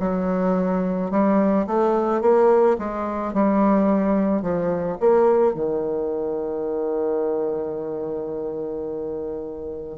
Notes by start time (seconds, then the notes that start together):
0.00 F#3
1.11 G3
1.67 A3
2.22 A#3
2.79 G#3
3.34 G3
4.42 F3
5.01 A#3
5.55 D#3